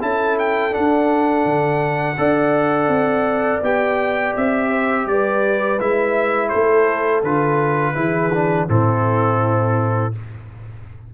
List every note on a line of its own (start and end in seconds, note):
0.00 0.73 C#4
0.00 0.71 E4
0.00 2.18 A4
0.00 0.38 A5
0.39 0.74 G5
0.71 2.15 D4
0.71 3.63 F#5
0.77 1.45 D4
1.45 2.17 D3
2.17 2.87 D4
2.17 3.62 A4
2.17 4.69 D5
2.87 3.60 C4
3.62 4.34 B3
3.62 5.79 G4
3.62 4.35 G5
4.36 5.06 C4
4.36 5.07 E5
4.69 5.05 C5
5.06 5.78 G3
5.06 6.49 B4
5.06 5.79 D5
5.79 6.51 G#3
5.79 7.23 E4
5.79 6.48 E5
6.48 7.22 A3
6.48 7.94 A4
6.48 7.21 C5
7.22 7.95 D3
7.22 7.94 F4
7.22 8.68 B4
7.94 8.68 E3
7.94 8.30 E4
7.94 8.67 G#4
8.33 8.67 D4
8.67 10.13 A2
8.67 10.12 C4
8.67 10.14 E4
8.67 10.13 A4